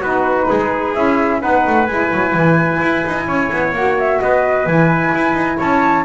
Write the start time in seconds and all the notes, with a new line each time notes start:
0.00 B3 D#4 F#4 B4
0.49 G#3 G#4
0.94 C#4 E4 E5
1.40 B3 D#4 B4 F#5
1.66 A3
1.86 G#3 E4 G#5
2.11 F#3
2.34 E3
2.81 E4
3.05 D#4
3.27 C#4 C#5
3.52 B3
3.72 A#3 F#4 F#5
3.98 E5
4.20 B3 B4 D#5
4.66 E3 E4 G#5
5.15 E4
5.34 D#4
5.57 C#4 C#5 A5